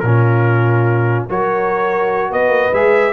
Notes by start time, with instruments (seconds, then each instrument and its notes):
0.00 tuba A#2, trombone C#4, horn F4, trumpet A#4
1.29 tuba F#3, trombone F#4, horn A#4, trumpet C#5
2.31 tuba B3, horn B4, trumpet D#5
2.48 tuba A#3
2.73 tuba G#3, trombone G#4, trumpet E5